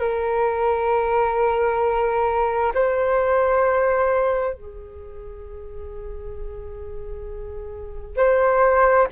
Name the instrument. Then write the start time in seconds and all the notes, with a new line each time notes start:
flute
0.00 A#4
2.75 C5
4.54 G#4
8.17 C5